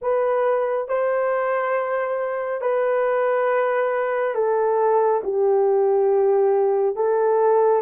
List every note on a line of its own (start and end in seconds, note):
0.01 0.88 B4
0.88 2.61 C5
2.61 4.34 B4
4.34 5.21 A4
5.23 6.96 G4
6.96 7.82 A4